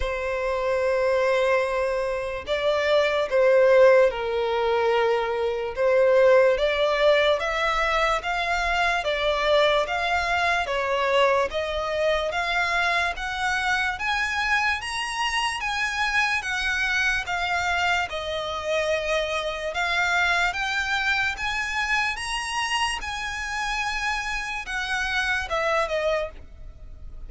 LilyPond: \new Staff \with { instrumentName = "violin" } { \time 4/4 \tempo 4 = 73 c''2. d''4 | c''4 ais'2 c''4 | d''4 e''4 f''4 d''4 | f''4 cis''4 dis''4 f''4 |
fis''4 gis''4 ais''4 gis''4 | fis''4 f''4 dis''2 | f''4 g''4 gis''4 ais''4 | gis''2 fis''4 e''8 dis''8 | }